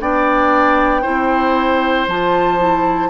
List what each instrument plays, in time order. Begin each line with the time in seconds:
0.00 bassoon B3, clarinet D4, oboe D5, flute G5
1.02 bassoon C4, clarinet E4, oboe C5
2.08 bassoon F3, clarinet F4, flute A5
2.59 clarinet E4